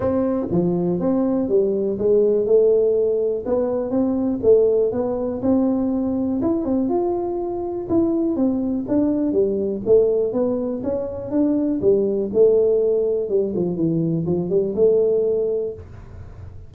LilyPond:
\new Staff \with { instrumentName = "tuba" } { \time 4/4 \tempo 4 = 122 c'4 f4 c'4 g4 | gis4 a2 b4 | c'4 a4 b4 c'4~ | c'4 e'8 c'8 f'2 |
e'4 c'4 d'4 g4 | a4 b4 cis'4 d'4 | g4 a2 g8 f8 | e4 f8 g8 a2 | }